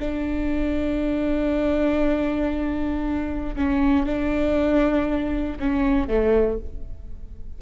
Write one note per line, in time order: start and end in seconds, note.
0.00 3.56 D4
3.56 4.07 C#4
4.07 5.59 D4
5.60 6.08 C#4
6.08 6.59 A3